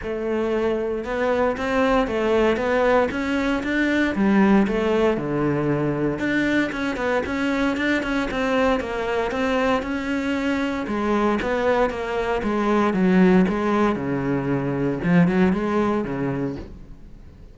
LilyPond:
\new Staff \with { instrumentName = "cello" } { \time 4/4 \tempo 4 = 116 a2 b4 c'4 | a4 b4 cis'4 d'4 | g4 a4 d2 | d'4 cis'8 b8 cis'4 d'8 cis'8 |
c'4 ais4 c'4 cis'4~ | cis'4 gis4 b4 ais4 | gis4 fis4 gis4 cis4~ | cis4 f8 fis8 gis4 cis4 | }